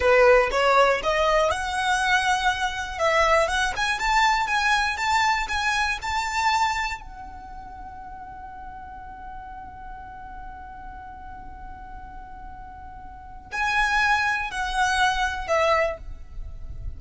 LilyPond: \new Staff \with { instrumentName = "violin" } { \time 4/4 \tempo 4 = 120 b'4 cis''4 dis''4 fis''4~ | fis''2 e''4 fis''8 gis''8 | a''4 gis''4 a''4 gis''4 | a''2 fis''2~ |
fis''1~ | fis''1~ | fis''2. gis''4~ | gis''4 fis''2 e''4 | }